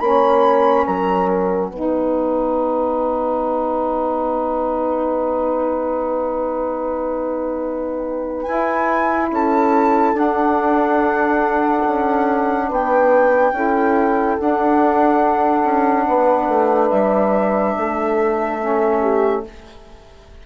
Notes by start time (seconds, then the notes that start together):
0.00 A#3 C#4 C#5 B5
0.87 F#3 A#4 A#5
1.29 F#5
1.71 B3 D#4 B4
8.43 E4 G#5
9.32 C#4 A4 A5
10.14 D4 F#5
11.87 C#4
12.69 B3 B4 G5
13.52 C#4 E4 A4
14.39 D4 F#5
15.64 C#4
16.08 B3 B4
16.49 A3
16.89 G3 E5
17.77 A3 A4
18.60 C#4
19.02 G4